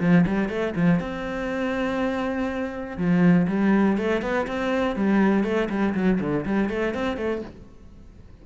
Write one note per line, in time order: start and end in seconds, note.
0.00 0.25 F3
0.26 0.48 G3
0.48 0.73 A3
0.76 0.99 F3
0.99 2.97 C4
2.97 3.47 F3
3.48 3.97 G3
3.97 4.21 A3
4.21 4.46 B3
4.47 4.95 C4
4.95 5.43 G3
5.43 5.68 A3
5.69 5.94 G3
5.94 6.19 F#3
6.20 6.45 D3
6.45 6.69 G3
6.69 6.94 A3
6.94 7.17 C4
7.17 7.41 A3